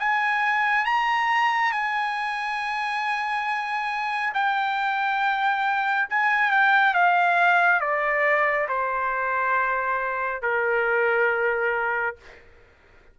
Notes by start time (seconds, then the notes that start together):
0.00 G#5
0.85 A#5
1.72 G#5
4.34 G5
6.10 G#5
6.52 G5
6.94 F5
7.81 D5
8.69 C5
10.42 A#4